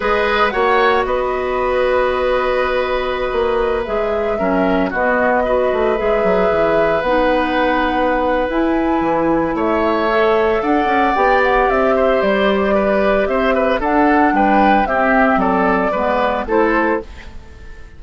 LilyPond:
<<
  \new Staff \with { instrumentName = "flute" } { \time 4/4 \tempo 4 = 113 dis''4 fis''4 dis''2~ | dis''2.~ dis''16 e''8.~ | e''4~ e''16 dis''2 e''8.~ | e''4~ e''16 fis''2~ fis''8. |
gis''2 e''2 | fis''4 g''8 fis''8 e''4 d''4~ | d''4 e''4 fis''4 g''4 | e''4 d''2 c''4 | }
  \new Staff \with { instrumentName = "oboe" } { \time 4/4 b'4 cis''4 b'2~ | b'1~ | b'16 ais'4 fis'4 b'4.~ b'16~ | b'1~ |
b'2 cis''2 | d''2~ d''8 c''4. | b'4 c''8 b'8 a'4 b'4 | g'4 a'4 b'4 a'4 | }
  \new Staff \with { instrumentName = "clarinet" } { \time 4/4 gis'4 fis'2.~ | fis'2.~ fis'16 gis'8.~ | gis'16 cis'4 b4 fis'4 gis'8.~ | gis'4~ gis'16 dis'2~ dis'8. |
e'2. a'4~ | a'4 g'2.~ | g'2 d'2 | c'2 b4 e'4 | }
  \new Staff \with { instrumentName = "bassoon" } { \time 4/4 gis4 ais4 b2~ | b2~ b16 ais4 gis8.~ | gis16 fis4 b4. a8 gis8 fis16~ | fis16 e4 b2~ b8. |
e'4 e4 a2 | d'8 cis'8 b4 c'4 g4~ | g4 c'4 d'4 g4 | c'4 fis4 gis4 a4 | }
>>